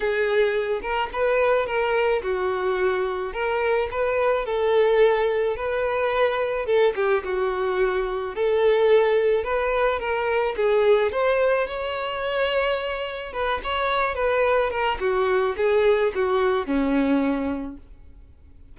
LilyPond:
\new Staff \with { instrumentName = "violin" } { \time 4/4 \tempo 4 = 108 gis'4. ais'8 b'4 ais'4 | fis'2 ais'4 b'4 | a'2 b'2 | a'8 g'8 fis'2 a'4~ |
a'4 b'4 ais'4 gis'4 | c''4 cis''2. | b'8 cis''4 b'4 ais'8 fis'4 | gis'4 fis'4 cis'2 | }